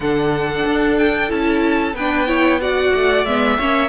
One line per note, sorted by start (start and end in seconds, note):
0.00 0.64 D3
0.00 1.29 D4
0.00 1.95 A4
0.00 0.98 F#5
0.65 1.30 D4
0.98 1.30 G5
1.29 1.93 C#4
1.29 1.94 E4
1.29 1.95 A5
1.93 2.90 B3
1.93 2.27 D4
1.93 2.27 B4
1.93 2.61 G5
2.27 2.59 E4
2.27 2.60 C#5
2.60 3.26 F#4
2.60 3.57 D5
2.60 3.25 F#5
2.94 3.25 A3
3.25 3.57 G#3
3.25 3.59 B3
3.25 3.88 E5
3.57 3.88 A#3
3.57 3.88 C#4
3.57 3.88 C#5